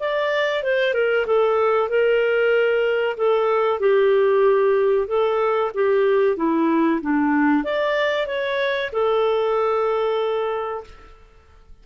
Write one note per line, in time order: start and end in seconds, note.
0.00 0.64 D5
0.64 0.94 C5
0.94 1.26 A#4
1.27 1.89 A4
1.89 3.17 A#4
3.17 3.80 A4
3.80 5.08 G4
5.08 5.72 A4
5.74 6.37 G4
6.37 7.01 E4
7.02 7.64 D4
7.64 8.27 D5
8.27 8.91 C#5
8.93 10.84 A4